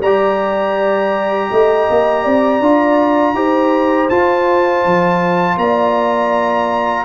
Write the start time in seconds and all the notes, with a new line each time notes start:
0.00 G3 G4 D5 A#5
1.52 A3 D#5
1.90 A#3
2.24 C4 D5
2.61 D4 F4
3.34 D#4 G4 C5
4.10 F4 A5
4.86 F3
5.57 A#3 D5 A#5